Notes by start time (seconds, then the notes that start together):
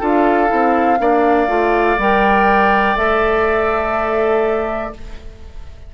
0.00 D4 F4 A4 F5
0.48 C4 E4
0.99 A#3 D4 D5
1.48 A3 F4
1.98 G3 A#4 G5
2.97 A3 A4 E5